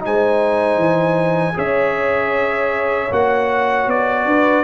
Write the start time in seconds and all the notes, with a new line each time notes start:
0.00 G#3 D#4 C5 G#5
0.77 E3
1.55 C#4 G#4 C#5 E5
3.12 A#3 F#4 F#5
3.87 B3 D5
4.25 D4 B4